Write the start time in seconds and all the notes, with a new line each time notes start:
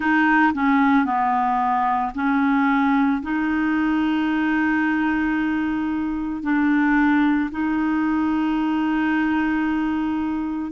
0.00 D#4
0.54 C#4
1.05 B3
2.14 C#4
3.22 D#4
6.42 D4
7.51 D#4